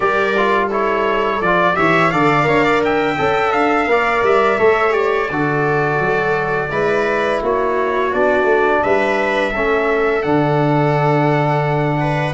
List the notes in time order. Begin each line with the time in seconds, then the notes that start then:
0.00 G3 G4 A#4 D5
0.37 F4
0.67 E4 A4 C#5
1.40 F3 F4 D5
1.74 E3 G4 C#5 E5
2.10 D3 A4 D5 F5
2.43 D4 A#4 C#5
2.64 D5
2.84 E5 G5
3.17 C#4 A4
3.52 D4 F5
3.87 A#3 A#4 D5
4.22 G3 E5
4.58 A3 A4 C#5
4.91 G4 D5
5.30 D3 F#4 A4
5.99 F#3
6.70 G#3 E4 B4
7.40 A#3 F#4 C#5
8.12 B3 D4 D5
8.44 A3
8.83 G3 B4 E5
9.51 A3 C#4 A4
10.22 D3 D4 F#5
12.00 B4